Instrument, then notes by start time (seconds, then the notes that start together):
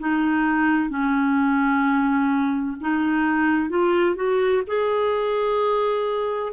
clarinet
0.00 D#4
0.90 C#4
2.81 D#4
3.70 F4
4.16 F#4
4.67 G#4